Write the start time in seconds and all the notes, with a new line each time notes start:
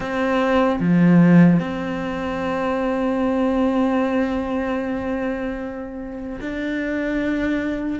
0.00 C4
0.80 F3
1.59 C4
6.40 D4